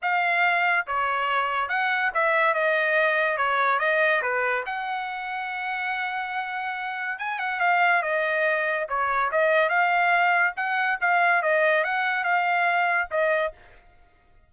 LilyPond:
\new Staff \with { instrumentName = "trumpet" } { \time 4/4 \tempo 4 = 142 f''2 cis''2 | fis''4 e''4 dis''2 | cis''4 dis''4 b'4 fis''4~ | fis''1~ |
fis''4 gis''8 fis''8 f''4 dis''4~ | dis''4 cis''4 dis''4 f''4~ | f''4 fis''4 f''4 dis''4 | fis''4 f''2 dis''4 | }